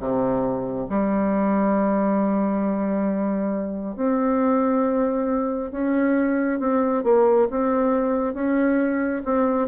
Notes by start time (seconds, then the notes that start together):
0.00 C3
0.89 G3
3.96 C4
5.72 C#4
6.60 C4
7.04 A#3
7.51 C4
8.34 C#4
9.25 C4